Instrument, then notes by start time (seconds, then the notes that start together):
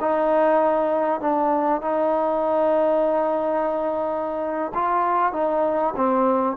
trombone
0.00 D#4
1.21 D4
1.81 D#4
4.74 F4
5.33 D#4
5.96 C4